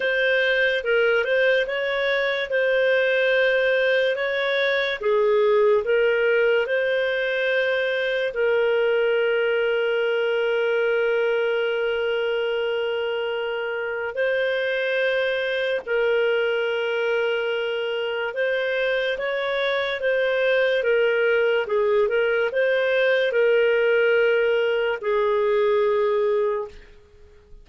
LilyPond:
\new Staff \with { instrumentName = "clarinet" } { \time 4/4 \tempo 4 = 72 c''4 ais'8 c''8 cis''4 c''4~ | c''4 cis''4 gis'4 ais'4 | c''2 ais'2~ | ais'1~ |
ais'4 c''2 ais'4~ | ais'2 c''4 cis''4 | c''4 ais'4 gis'8 ais'8 c''4 | ais'2 gis'2 | }